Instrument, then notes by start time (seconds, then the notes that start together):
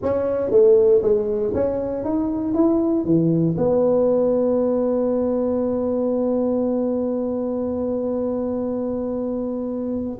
tuba
0.02 C#4
0.50 A3
1.02 G#3
1.54 C#4
2.04 D#4
2.54 E4
3.04 E3
3.57 B3